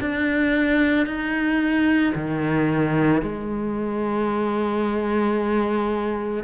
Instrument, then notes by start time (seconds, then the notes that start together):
cello
0.00 D4
1.06 D#4
2.15 D#3
3.22 G#3